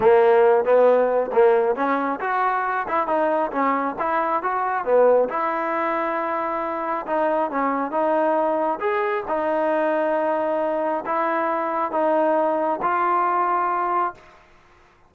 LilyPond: \new Staff \with { instrumentName = "trombone" } { \time 4/4 \tempo 4 = 136 ais4. b4. ais4 | cis'4 fis'4. e'8 dis'4 | cis'4 e'4 fis'4 b4 | e'1 |
dis'4 cis'4 dis'2 | gis'4 dis'2.~ | dis'4 e'2 dis'4~ | dis'4 f'2. | }